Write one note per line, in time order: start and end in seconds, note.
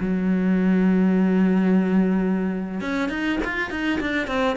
0.00 2.81 F#3
2.81 3.09 C#4
3.09 3.39 D#4
3.45 3.70 F4
3.70 4.00 D#4
4.00 4.27 D4
4.27 4.57 C4